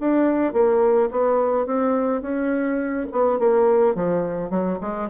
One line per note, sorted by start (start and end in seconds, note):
0.00 0.53 D4
0.53 1.10 A#3
1.11 1.66 B3
1.66 2.22 C4
2.22 3.07 C#4
3.12 3.39 B3
3.39 3.95 A#3
3.95 4.51 F3
4.51 4.79 F#3
4.81 5.10 G#3